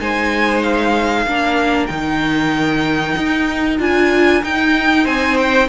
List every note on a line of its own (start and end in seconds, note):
0.00 1.26 G#3
0.00 1.27 D#4
0.00 1.27 C5
0.00 0.63 G#5
0.63 1.87 F5
1.26 1.89 A#3
1.26 1.89 D4
1.26 5.04 A#4
1.87 3.16 D#3
1.87 3.79 D#4
1.87 3.76 G5
3.17 3.80 D#4
3.79 4.43 D4
3.79 4.42 F4
3.79 4.44 G#5
4.43 5.69 D#4
4.43 5.06 D#4
4.43 5.07 G5
5.04 5.69 C4
5.04 5.67 C5
5.04 5.37 G#5
5.37 5.69 G5